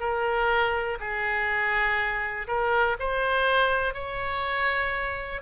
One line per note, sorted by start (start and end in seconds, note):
0.00 0.98 A#4
1.00 2.47 G#4
2.48 2.97 A#4
2.99 3.94 C5
3.94 5.41 C#5